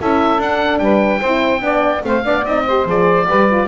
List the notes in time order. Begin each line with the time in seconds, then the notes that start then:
0.00 C#4 E4 A4 E5
0.38 D4 F#5
0.79 G3 B4 G5
1.20 C4 E4 C5
1.61 B3 D4 D5
2.03 A3 C4 C5 F5
2.24 B3 D4 D5
2.45 C4 D#4 D#5
2.66 G4 C5
2.86 F3 G#4 D5
3.27 G3 G4 B4
3.51 F4